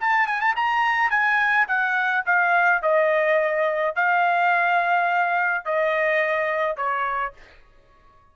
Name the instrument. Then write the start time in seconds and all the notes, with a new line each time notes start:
trumpet
0.00 A5
0.27 G#5
0.40 A5
0.56 A#5
1.10 G#5
1.67 F#5
2.26 F5
2.82 D#5
3.95 F5
5.65 D#5
6.76 C#5